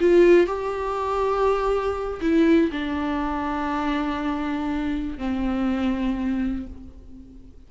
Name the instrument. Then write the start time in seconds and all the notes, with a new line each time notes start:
viola
0.00 F4
0.47 G4
2.21 E4
2.71 D4
5.18 C4